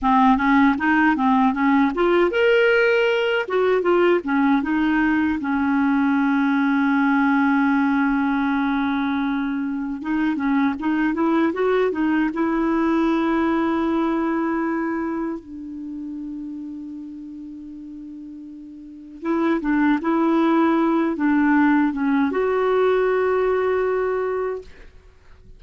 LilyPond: \new Staff \with { instrumentName = "clarinet" } { \time 4/4 \tempo 4 = 78 c'8 cis'8 dis'8 c'8 cis'8 f'8 ais'4~ | ais'8 fis'8 f'8 cis'8 dis'4 cis'4~ | cis'1~ | cis'4 dis'8 cis'8 dis'8 e'8 fis'8 dis'8 |
e'1 | d'1~ | d'4 e'8 d'8 e'4. d'8~ | d'8 cis'8 fis'2. | }